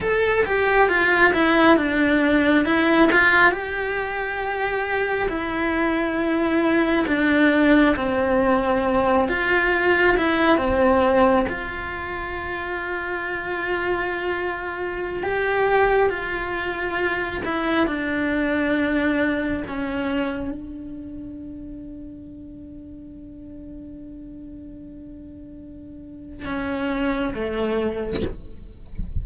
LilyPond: \new Staff \with { instrumentName = "cello" } { \time 4/4 \tempo 4 = 68 a'8 g'8 f'8 e'8 d'4 e'8 f'8 | g'2 e'2 | d'4 c'4. f'4 e'8 | c'4 f'2.~ |
f'4~ f'16 g'4 f'4. e'16~ | e'16 d'2 cis'4 d'8.~ | d'1~ | d'2 cis'4 a4 | }